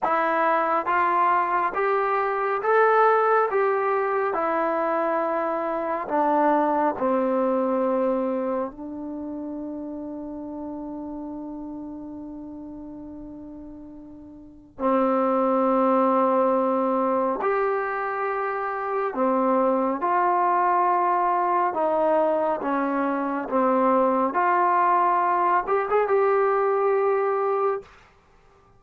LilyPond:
\new Staff \with { instrumentName = "trombone" } { \time 4/4 \tempo 4 = 69 e'4 f'4 g'4 a'4 | g'4 e'2 d'4 | c'2 d'2~ | d'1~ |
d'4 c'2. | g'2 c'4 f'4~ | f'4 dis'4 cis'4 c'4 | f'4. g'16 gis'16 g'2 | }